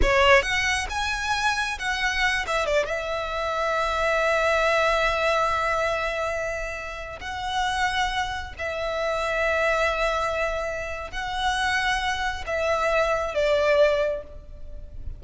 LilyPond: \new Staff \with { instrumentName = "violin" } { \time 4/4 \tempo 4 = 135 cis''4 fis''4 gis''2 | fis''4. e''8 d''8 e''4.~ | e''1~ | e''1~ |
e''16 fis''2. e''8.~ | e''1~ | e''4 fis''2. | e''2 d''2 | }